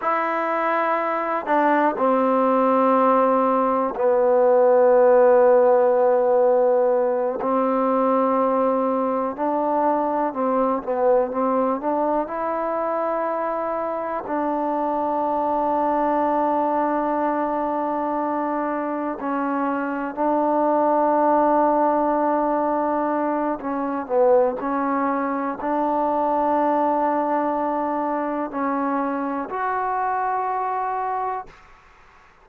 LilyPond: \new Staff \with { instrumentName = "trombone" } { \time 4/4 \tempo 4 = 61 e'4. d'8 c'2 | b2.~ b8 c'8~ | c'4. d'4 c'8 b8 c'8 | d'8 e'2 d'4.~ |
d'2.~ d'8 cis'8~ | cis'8 d'2.~ d'8 | cis'8 b8 cis'4 d'2~ | d'4 cis'4 fis'2 | }